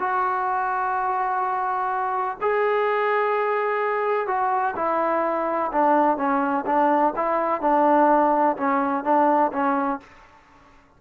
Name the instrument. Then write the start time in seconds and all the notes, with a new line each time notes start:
trombone
0.00 F#4
2.42 G#4
4.27 F#4
4.76 E4
5.73 D4
6.18 C#4
6.66 D4
7.16 E4
7.62 D4
8.57 C#4
9.04 D4
9.53 C#4